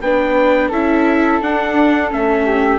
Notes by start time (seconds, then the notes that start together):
0.00 B3 D4 B4 G5
0.68 C#4 E4 A4 E5
1.41 D4 F#5
2.10 A3 C#4 E5
2.45 G4